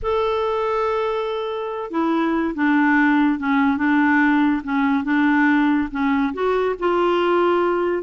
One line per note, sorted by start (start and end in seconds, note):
0.02 1.90 A4
1.90 2.54 E4
2.55 3.39 D4
3.39 3.77 C#4
3.77 4.62 D4
4.63 5.04 C#4
5.04 5.88 D4
5.91 6.33 C#4
6.33 6.75 F#4
6.79 8.03 F4